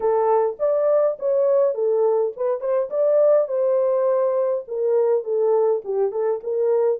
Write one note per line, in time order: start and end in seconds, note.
0.00 0.56 A4
0.59 1.17 D5
1.19 1.74 C#5
1.74 2.32 A4
2.36 2.60 B4
2.60 2.89 C5
2.90 3.48 D5
3.48 4.64 C5
4.67 5.23 A#4
5.23 5.82 A4
5.84 6.11 G4
6.11 6.40 A4
6.43 6.99 A#4